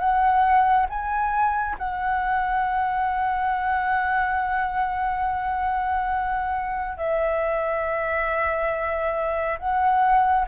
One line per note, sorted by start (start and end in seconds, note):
0.00 0.87 F#5
0.90 1.77 G#5
1.79 6.98 F#5
6.98 9.59 E5
9.59 10.46 F#5